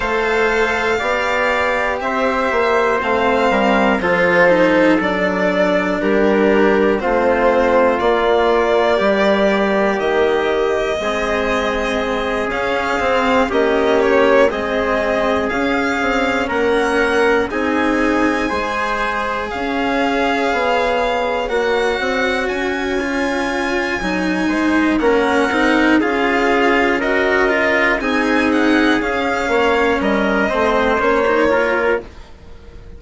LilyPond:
<<
  \new Staff \with { instrumentName = "violin" } { \time 4/4 \tempo 4 = 60 f''2 e''4 f''4 | c''4 d''4 ais'4 c''4 | d''2 dis''2~ | dis''8 f''4 dis''8 cis''8 dis''4 f''8~ |
f''8 fis''4 gis''2 f''8~ | f''4. fis''4 gis''4.~ | gis''4 fis''4 f''4 dis''4 | gis''8 fis''8 f''4 dis''4 cis''4 | }
  \new Staff \with { instrumentName = "trumpet" } { \time 4/4 c''4 d''4 c''4. ais'8 | a'2 g'4 f'4~ | f'4 g'2 gis'4~ | gis'4. g'4 gis'4.~ |
gis'8 ais'4 gis'4 c''4 cis''8~ | cis''1~ | cis''8 c''8 ais'4 gis'4 ais'4 | gis'4. cis''8 ais'8 c''4 ais'8 | }
  \new Staff \with { instrumentName = "cello" } { \time 4/4 a'4 g'2 c'4 | f'8 dis'8 d'2 c'4 | ais2. c'4~ | c'8 cis'8 c'8 cis'4 c'4 cis'8~ |
cis'4. dis'4 gis'4.~ | gis'4. fis'4. f'4 | dis'4 cis'8 dis'8 f'4 fis'8 f'8 | dis'4 cis'4. c'8 cis'16 dis'16 f'8 | }
  \new Staff \with { instrumentName = "bassoon" } { \time 4/4 a4 b4 c'8 ais8 a8 g8 | f4 fis4 g4 a4 | ais4 g4 dis4 gis4~ | gis8 cis'8 c'8 ais4 gis4 cis'8 |
c'8 ais4 c'4 gis4 cis'8~ | cis'8 b4 ais8 c'8 cis'4. | fis8 gis8 ais8 c'8 cis'2 | c'4 cis'8 ais8 g8 a8 ais4 | }
>>